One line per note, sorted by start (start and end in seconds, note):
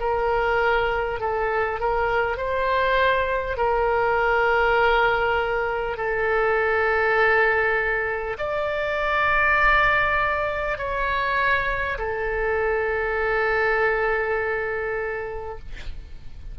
0.00 1.20 A#4
1.20 1.80 A4
1.80 2.38 A#4
2.38 3.58 C5
3.58 5.98 A#4
5.98 8.38 A4
8.38 10.78 D5
10.78 11.98 C#5
11.99 15.59 A4